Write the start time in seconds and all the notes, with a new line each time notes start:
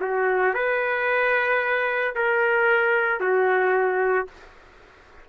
0.00 F#4
0.54 B4
2.15 A#4
3.20 F#4